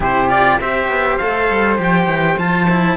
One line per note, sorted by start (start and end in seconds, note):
0.00 0.59 C3
0.00 0.29 E4
0.00 0.59 G4
0.00 0.29 C5
0.29 0.59 F4
0.29 0.59 D5
0.60 0.87 C4
0.60 1.20 G4
0.60 2.97 C5
0.60 1.17 E5
0.87 1.17 B3
1.17 1.50 A3
1.17 1.77 A4
1.17 1.77 F5
1.50 1.79 G3
1.77 2.06 F3
1.77 2.37 G4
1.77 2.38 G5
2.06 2.36 E3
2.37 2.97 F3
2.37 2.67 F4
2.37 2.97 A5
2.69 2.97 E4